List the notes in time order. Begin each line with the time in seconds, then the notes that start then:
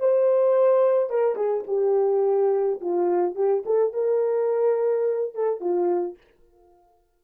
0.00 C5
1.10 A#4
1.36 G#4
1.67 G4
2.81 F4
3.35 G4
3.66 A4
3.93 A#4
5.35 A4
5.60 F4